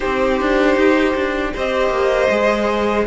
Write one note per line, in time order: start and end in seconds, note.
0.00 0.40 C4
0.00 1.53 D#4
0.00 1.53 G4
0.00 1.53 C5
0.40 0.76 D4
0.76 1.15 D#4
1.15 1.53 D4
1.53 1.89 C4
1.53 2.30 G4
1.53 3.07 C5
1.53 3.07 D#5
1.89 2.27 A#3
2.29 3.06 G#3
2.29 3.07 G#4